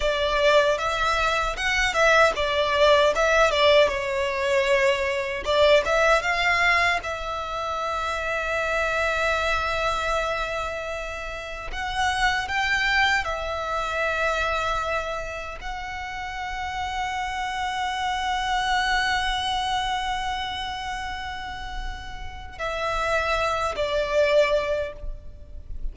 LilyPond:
\new Staff \with { instrumentName = "violin" } { \time 4/4 \tempo 4 = 77 d''4 e''4 fis''8 e''8 d''4 | e''8 d''8 cis''2 d''8 e''8 | f''4 e''2.~ | e''2. fis''4 |
g''4 e''2. | fis''1~ | fis''1~ | fis''4 e''4. d''4. | }